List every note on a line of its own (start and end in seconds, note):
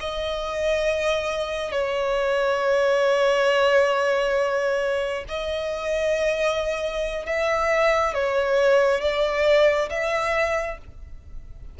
0.00 1.72 D#5
1.72 5.25 C#5
5.29 7.26 D#5
7.26 8.14 E5
8.14 9.01 C#5
9.01 9.89 D5
9.90 10.78 E5